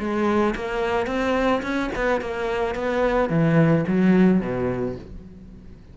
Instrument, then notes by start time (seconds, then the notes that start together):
cello
0.00 G#3
0.56 A#3
1.07 C4
1.63 C#4
1.96 B3
2.21 A#3
2.75 B3
3.30 E3
3.88 F#3
4.41 B2